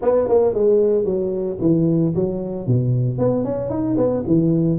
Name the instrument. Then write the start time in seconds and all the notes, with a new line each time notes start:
tuba
0.02 B3
0.28 A#3
0.53 G#3
1.05 F#3
1.60 E3
2.15 F#3
2.66 B2
3.18 B3
3.44 C#4
3.70 D#4
3.97 B3
4.26 E3